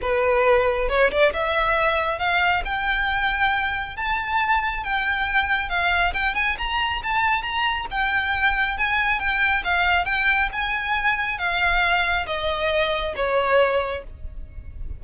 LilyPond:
\new Staff \with { instrumentName = "violin" } { \time 4/4 \tempo 4 = 137 b'2 cis''8 d''8 e''4~ | e''4 f''4 g''2~ | g''4 a''2 g''4~ | g''4 f''4 g''8 gis''8 ais''4 |
a''4 ais''4 g''2 | gis''4 g''4 f''4 g''4 | gis''2 f''2 | dis''2 cis''2 | }